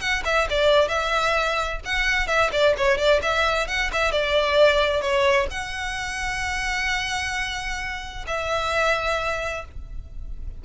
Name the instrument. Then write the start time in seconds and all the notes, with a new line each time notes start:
violin
0.00 F#5
0.25 E5
0.50 D5
0.88 E5
1.85 F#5
2.27 E5
2.52 D5
2.77 C#5
2.98 D5
3.22 E5
3.67 F#5
3.92 E5
4.12 D5
5.01 C#5
5.50 F#5
8.27 E5